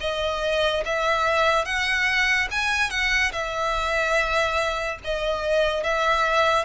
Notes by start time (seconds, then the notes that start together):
0.00 D#5
0.85 E5
1.65 F#5
2.51 G#5
2.90 F#5
3.32 E5
5.04 D#5
5.83 E5